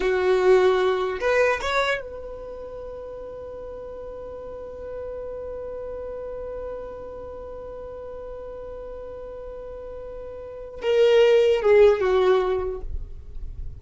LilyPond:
\new Staff \with { instrumentName = "violin" } { \time 4/4 \tempo 4 = 150 fis'2. b'4 | cis''4 b'2.~ | b'1~ | b'1~ |
b'1~ | b'1~ | b'2. ais'4~ | ais'4 gis'4 fis'2 | }